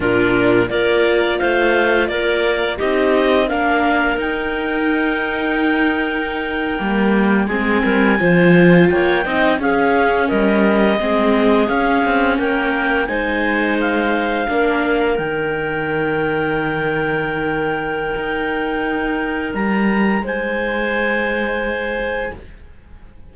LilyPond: <<
  \new Staff \with { instrumentName = "clarinet" } { \time 4/4 \tempo 4 = 86 ais'4 d''4 f''4 d''4 | dis''4 f''4 g''2~ | g''2~ g''8. gis''4~ gis''16~ | gis''8. g''4 f''4 dis''4~ dis''16~ |
dis''8. f''4 g''4 gis''4 f''16~ | f''4.~ f''16 g''2~ g''16~ | g''1 | ais''4 gis''2. | }
  \new Staff \with { instrumentName = "clarinet" } { \time 4/4 f'4 ais'4 c''4 ais'4 | g'4 ais'2.~ | ais'2~ ais'8. gis'8 ais'8 c''16~ | c''8. cis''8 dis''8 gis'4 ais'4 gis'16~ |
gis'4.~ gis'16 ais'4 c''4~ c''16~ | c''8. ais'2.~ ais'16~ | ais'1~ | ais'4 c''2. | }
  \new Staff \with { instrumentName = "viola" } { \time 4/4 d'4 f'2. | dis'4 d'4 dis'2~ | dis'4.~ dis'16 ais4 c'4 f'16~ | f'4~ f'16 dis'8 cis'2 c'16~ |
c'8. cis'2 dis'4~ dis'16~ | dis'8. d'4 dis'2~ dis'16~ | dis'1~ | dis'1 | }
  \new Staff \with { instrumentName = "cello" } { \time 4/4 ais,4 ais4 a4 ais4 | c'4 ais4 dis'2~ | dis'4.~ dis'16 g4 gis8 g8 f16~ | f8. ais8 c'8 cis'4 g4 gis16~ |
gis8. cis'8 c'8 ais4 gis4~ gis16~ | gis8. ais4 dis2~ dis16~ | dis2 dis'2 | g4 gis2. | }
>>